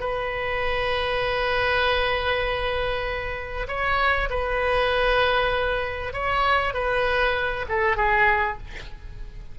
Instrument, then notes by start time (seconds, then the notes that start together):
oboe
0.00 B4
3.68 C#5
4.30 B4
6.13 C#5
6.74 B4
7.69 A4
7.97 G#4